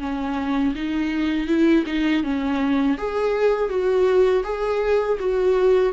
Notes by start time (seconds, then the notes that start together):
0.00 C#4
0.75 D#4
1.47 E4
1.87 D#4
2.24 C#4
2.98 G#4
3.69 F#4
4.44 G#4
5.20 F#4